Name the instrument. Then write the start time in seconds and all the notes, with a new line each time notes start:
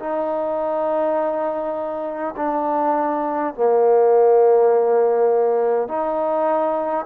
trombone
0.00 D#4
2.37 D4
3.55 A#3
5.88 D#4